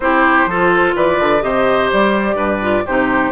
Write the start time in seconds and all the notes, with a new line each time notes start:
0.00 C4 E4 G4 C5
0.46 F3 F4 A4
0.95 E3 B4 D5
1.19 D3
1.40 C3 G4 C5 D#5
1.92 G3 D5
2.34 G2 B4
2.61 F4
2.86 C3 D#4 G4 C5